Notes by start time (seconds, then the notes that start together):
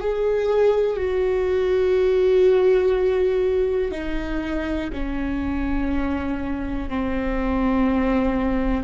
0.00 G#4
0.96 F#4
3.91 D#4
4.92 C#4
6.89 C4